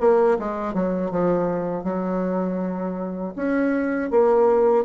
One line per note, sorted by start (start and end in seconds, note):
0.00 0.38 A#3
0.39 0.73 G#3
0.73 1.11 F#3
1.11 1.83 F3
1.83 3.33 F#3
3.35 4.10 C#4
4.10 4.84 A#3